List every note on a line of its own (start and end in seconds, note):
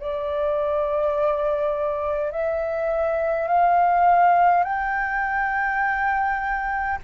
0.00 2.32 D5
2.32 3.48 E5
3.48 4.64 F5
4.64 6.99 G5